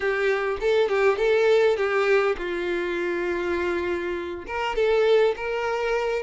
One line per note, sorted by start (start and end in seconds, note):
0.00 0.57 G4
0.60 0.88 A4
0.88 1.17 G4
1.17 1.76 A4
1.76 2.36 G4
2.37 4.45 F4
4.47 4.75 A#4
4.75 5.35 A4
5.36 6.22 A#4